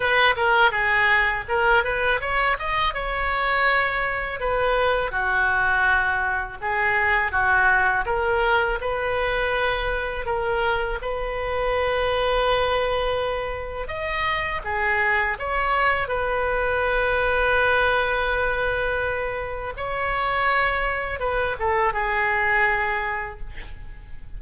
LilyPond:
\new Staff \with { instrumentName = "oboe" } { \time 4/4 \tempo 4 = 82 b'8 ais'8 gis'4 ais'8 b'8 cis''8 dis''8 | cis''2 b'4 fis'4~ | fis'4 gis'4 fis'4 ais'4 | b'2 ais'4 b'4~ |
b'2. dis''4 | gis'4 cis''4 b'2~ | b'2. cis''4~ | cis''4 b'8 a'8 gis'2 | }